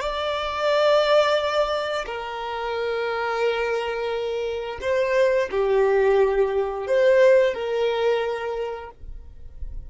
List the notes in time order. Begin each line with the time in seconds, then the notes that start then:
0.00 D5
2.06 A#4
4.81 C5
5.51 G4
6.86 C5
7.54 A#4